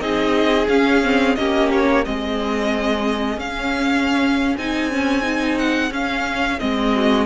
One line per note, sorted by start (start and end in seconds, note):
0.00 0.68 C4
0.00 0.67 D#4
0.00 1.38 G#4
0.00 0.68 D#5
0.68 1.36 C#4
0.68 1.04 C#4
0.68 1.35 F5
1.04 1.37 C4
1.35 2.06 A#3
1.35 2.05 C#4
1.35 2.07 G4
1.35 1.69 D#5
1.72 2.05 C#5
2.05 3.38 G#3
2.05 3.40 C4
2.05 6.95 G#4
2.05 3.39 D#5
3.38 4.56 C#4
3.38 4.59 C#4
3.38 4.57 F5
4.57 5.91 C4
4.57 4.91 D#4
4.57 5.59 G#5
4.91 5.22 C#4
5.22 5.90 D#4
5.59 5.92 F#5
5.91 6.59 C#4
5.91 6.60 F5
6.60 7.26 G#3
6.60 7.26 C4
6.60 7.26 D#5
6.95 7.26 F#4